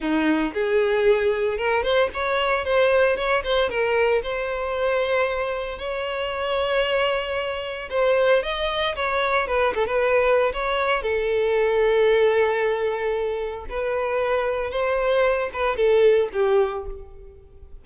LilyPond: \new Staff \with { instrumentName = "violin" } { \time 4/4 \tempo 4 = 114 dis'4 gis'2 ais'8 c''8 | cis''4 c''4 cis''8 c''8 ais'4 | c''2. cis''4~ | cis''2. c''4 |
dis''4 cis''4 b'8 a'16 b'4~ b'16 | cis''4 a'2.~ | a'2 b'2 | c''4. b'8 a'4 g'4 | }